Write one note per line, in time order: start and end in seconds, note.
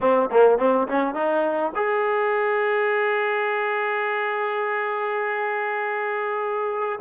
0.00 0.29 C4
0.31 0.58 A#3
0.58 0.87 C4
0.88 1.14 C#4
1.14 1.72 D#4
1.75 6.99 G#4